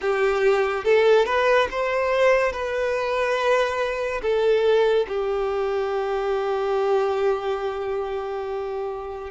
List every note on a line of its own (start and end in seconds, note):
0.01 0.84 G4
0.84 1.25 A4
1.25 1.67 B4
1.70 2.52 C5
2.52 4.21 B4
4.21 5.06 A4
5.08 9.30 G4